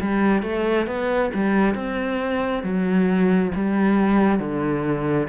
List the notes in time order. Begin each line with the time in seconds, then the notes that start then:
0.00 G3
0.42 A3
0.86 B3
1.34 G3
1.74 C4
2.63 F#3
3.55 G3
4.39 D3